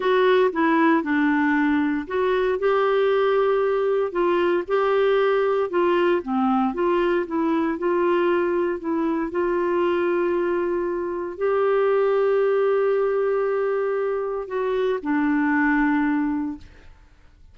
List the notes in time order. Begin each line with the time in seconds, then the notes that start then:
0.00 F#4
0.52 E4
1.03 D4
2.07 F#4
2.59 G4
4.11 F4
4.67 G4
5.70 F4
6.22 C4
6.74 F4
7.26 E4
7.78 F4
8.79 E4
9.31 F4
11.37 G4
14.47 F#4
15.02 D4